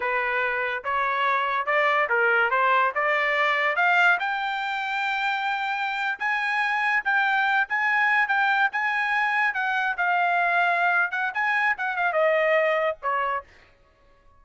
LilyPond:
\new Staff \with { instrumentName = "trumpet" } { \time 4/4 \tempo 4 = 143 b'2 cis''2 | d''4 ais'4 c''4 d''4~ | d''4 f''4 g''2~ | g''2~ g''8. gis''4~ gis''16~ |
gis''8. g''4. gis''4. g''16~ | g''8. gis''2 fis''4 f''16~ | f''2~ f''8 fis''8 gis''4 | fis''8 f''8 dis''2 cis''4 | }